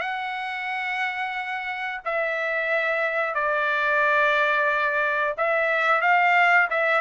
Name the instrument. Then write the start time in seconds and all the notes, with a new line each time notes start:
trumpet
0.00 F#5
2.05 E5
3.34 D5
5.37 E5
6.01 F5
6.70 E5